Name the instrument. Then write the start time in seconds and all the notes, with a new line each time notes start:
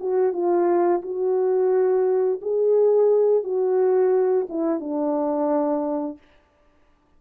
horn
0.00 F#4
0.33 F4
1.02 F#4
2.41 G#4
3.44 F#4
4.49 E4
4.80 D4